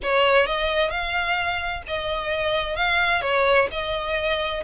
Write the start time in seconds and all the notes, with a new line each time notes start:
0.02 C#5
0.46 D#5
0.90 F5
1.87 D#5
2.75 F5
3.21 C#5
3.71 D#5